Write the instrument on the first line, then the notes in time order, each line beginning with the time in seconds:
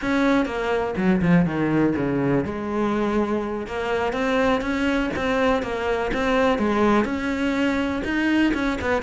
cello
0.01 C#4
0.45 A#3
0.96 F#3
1.21 F3
1.45 D#3
1.96 C#3
2.44 G#3
3.66 A#3
4.12 C4
4.61 C#4
5.16 C4
5.62 A#3
6.13 C4
6.58 G#3
7.04 C#4
8.04 D#4
8.54 C#4
8.81 B3